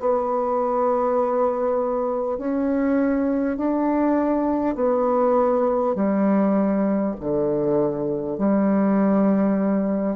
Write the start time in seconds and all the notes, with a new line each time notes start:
0.00 B3
2.37 C#4
3.57 D4
4.75 B3
5.95 G3
7.20 D3
8.38 G3